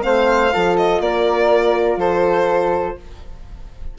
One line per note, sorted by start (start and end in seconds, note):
0.00 0.53 A3
0.00 0.49 C4
0.00 0.52 C5
0.00 0.76 F5
0.52 0.99 F3
0.52 2.98 F4
0.52 1.01 A4
0.76 1.01 D#5
0.99 1.96 A#3
0.99 1.98 A#4
0.99 1.99 D5
1.96 2.94 F3
1.96 2.97 A4
1.96 2.98 C5